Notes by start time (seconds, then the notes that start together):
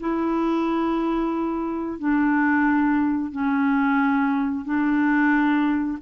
0.00 E4
1.99 D4
3.32 C#4
4.65 D4